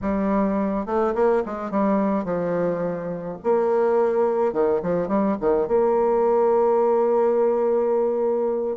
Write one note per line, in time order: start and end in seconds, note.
0.01 0.85 G3
0.85 1.14 A3
1.14 1.43 A#3
1.45 1.70 G#3
1.70 2.24 G3
2.24 3.37 F3
3.43 4.52 A#3
4.52 4.81 D#3
4.82 5.08 F3
5.08 5.36 G3
5.40 5.67 D#3
5.67 8.77 A#3